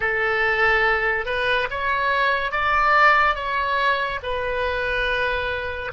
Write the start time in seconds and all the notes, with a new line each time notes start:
0.00 A4
1.25 B4
1.70 C#5
2.51 D5
3.35 C#5
4.23 B4